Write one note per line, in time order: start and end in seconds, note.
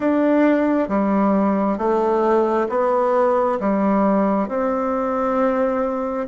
0.00 0.88 D4
0.88 1.77 G3
1.78 2.67 A3
2.69 3.58 B3
3.59 4.48 G3
4.48 6.27 C4